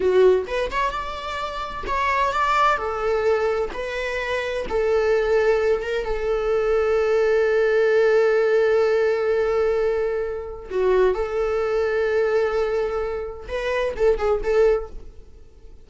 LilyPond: \new Staff \with { instrumentName = "viola" } { \time 4/4 \tempo 4 = 129 fis'4 b'8 cis''8 d''2 | cis''4 d''4 a'2 | b'2 a'2~ | a'8 ais'8 a'2.~ |
a'1~ | a'2. fis'4 | a'1~ | a'4 b'4 a'8 gis'8 a'4 | }